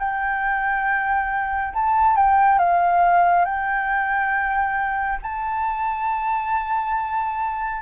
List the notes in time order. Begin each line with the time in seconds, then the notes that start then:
0.00 G5
1.74 A5
2.17 G5
2.59 F5
3.45 G5
5.23 A5